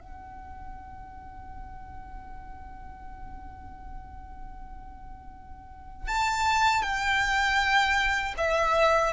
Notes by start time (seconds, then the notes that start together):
0.00 F#5
6.07 A5
6.82 G5
8.38 E5